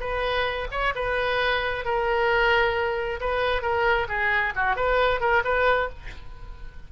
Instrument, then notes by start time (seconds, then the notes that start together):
oboe
0.00 B4
0.71 C#5
0.95 B4
1.85 A#4
3.21 B4
3.62 A#4
4.08 G#4
4.56 F#4
4.76 B4
5.20 A#4
5.44 B4